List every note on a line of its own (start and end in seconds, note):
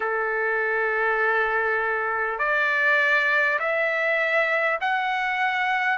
0.00 2.38 A4
2.38 3.58 D5
3.59 4.79 E5
4.80 5.98 F#5